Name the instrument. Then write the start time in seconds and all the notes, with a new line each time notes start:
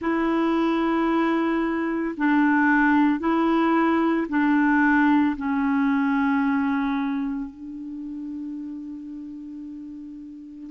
clarinet
0.00 E4
2.17 D4
3.19 E4
4.29 D4
5.36 C#4
7.50 D4